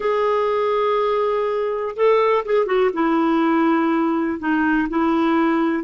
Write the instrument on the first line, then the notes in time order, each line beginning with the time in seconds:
clarinet
0.00 G#4
1.96 A4
2.45 G#4
2.66 F#4
2.93 E4
4.39 D#4
4.89 E4